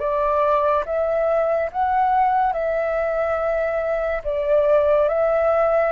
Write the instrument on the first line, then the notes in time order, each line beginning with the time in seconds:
flute
0.00 D5
0.86 E5
1.72 F#5
2.53 E5
4.24 D5
5.09 E5